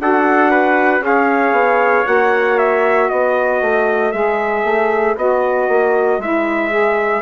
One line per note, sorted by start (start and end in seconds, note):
0.00 1.01 D4
0.00 1.02 F#4
0.00 0.51 A4
0.00 1.05 F#5
0.51 1.03 B4
1.01 1.52 C#4
1.01 2.05 G#4
1.01 2.07 F5
1.07 3.11 C#5
1.52 2.04 B3
2.05 3.11 A#3
2.05 4.12 F#4
2.05 2.59 F#5
2.59 3.10 E5
3.10 3.62 B3
3.10 7.22 B4
3.10 4.12 D#5
3.62 4.13 A3
4.12 4.64 G#3
4.12 5.17 G#4
4.12 5.16 E5
4.64 5.16 A3
5.17 5.69 B3
5.17 6.21 F#4
5.17 6.22 D#5
5.69 6.19 A#3
6.19 7.22 G#3
6.19 6.70 E4
6.19 7.22 E5
6.70 7.22 G#4